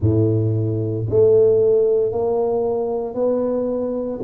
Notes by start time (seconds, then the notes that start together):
0.00 A2
1.09 A3
2.11 A#3
3.14 B3